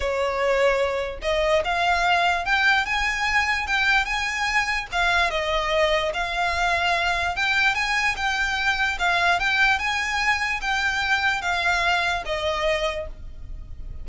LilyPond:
\new Staff \with { instrumentName = "violin" } { \time 4/4 \tempo 4 = 147 cis''2. dis''4 | f''2 g''4 gis''4~ | gis''4 g''4 gis''2 | f''4 dis''2 f''4~ |
f''2 g''4 gis''4 | g''2 f''4 g''4 | gis''2 g''2 | f''2 dis''2 | }